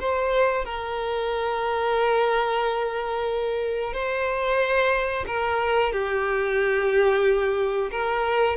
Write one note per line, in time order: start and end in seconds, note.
0.00 0.65 C5
0.65 3.93 A#4
3.93 5.25 C5
5.27 5.93 A#4
5.93 7.90 G4
7.91 8.57 A#4